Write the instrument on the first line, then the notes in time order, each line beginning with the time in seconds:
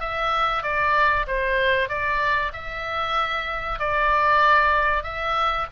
oboe
0.00 E5
0.63 D5
1.27 C5
1.89 D5
2.53 E5
3.79 D5
5.03 E5